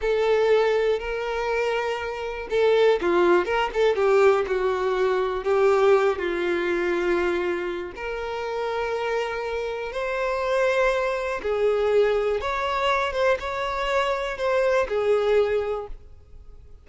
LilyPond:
\new Staff \with { instrumentName = "violin" } { \time 4/4 \tempo 4 = 121 a'2 ais'2~ | ais'4 a'4 f'4 ais'8 a'8 | g'4 fis'2 g'4~ | g'8 f'2.~ f'8 |
ais'1 | c''2. gis'4~ | gis'4 cis''4. c''8 cis''4~ | cis''4 c''4 gis'2 | }